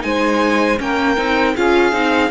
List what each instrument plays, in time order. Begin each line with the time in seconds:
0.00 cello G#3, viola D#4, saxophone C5, violin G#5
0.78 cello A#3, viola C#4, saxophone A#4, violin G5
1.16 cello C4, viola D#4
1.54 cello C#4, viola F4, saxophone G#4, violin F5
1.92 cello C4, viola D#4